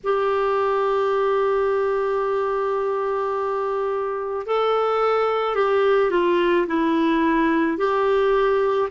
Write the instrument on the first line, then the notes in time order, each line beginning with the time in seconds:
clarinet
0.03 G4
4.46 A4
5.55 G4
6.11 F4
6.67 E4
7.77 G4